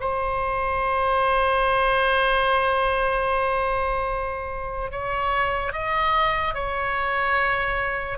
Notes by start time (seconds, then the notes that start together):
0.00 C5
4.91 C#5
5.72 D#5
6.54 C#5